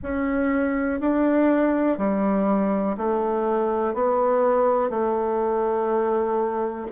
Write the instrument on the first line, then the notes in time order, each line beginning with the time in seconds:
bassoon
0.02 C#4
1.00 D4
1.98 G3
2.97 A3
3.93 B3
4.90 A3